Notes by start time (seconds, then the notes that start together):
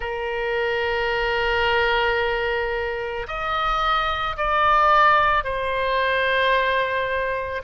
0.00 A#4
3.27 D#5
4.36 D5
5.43 C5